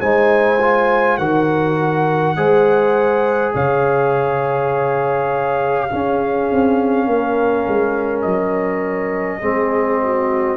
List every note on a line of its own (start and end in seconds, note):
0.00 1.18 G#3
0.00 0.59 D#4
0.00 1.18 C5
0.00 1.17 G#5
0.61 1.20 F4
1.17 2.36 D#3
1.17 2.37 F#4
1.17 2.36 A#4
1.17 3.53 F#5
2.36 3.54 G#3
2.36 5.89 G#4
2.36 3.54 C5
3.54 5.90 C#3
3.54 5.89 C#5
3.54 8.21 F5
5.90 9.41 C#4
5.90 6.51 C#4
5.90 7.07 G#4
6.51 7.07 C4
7.07 7.65 A#3
7.07 9.41 A#4
7.68 8.25 G#3
8.21 9.43 F#3
8.21 10.56 D#5
9.41 10.56 G#3
9.41 10.56 C4
9.41 10.00 G#4
10.03 10.56 F#4